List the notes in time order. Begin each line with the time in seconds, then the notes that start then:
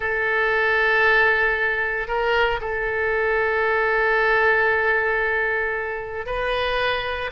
0.00 A4
2.07 A#4
2.61 A4
6.26 B4